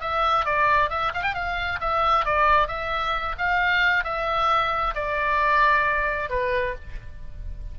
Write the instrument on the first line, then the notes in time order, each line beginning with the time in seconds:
oboe
0.00 E5
0.45 D5
0.89 E5
1.14 F5
1.23 G5
1.34 F5
1.80 E5
2.25 D5
2.67 E5
3.38 F5
4.04 E5
4.94 D5
6.29 B4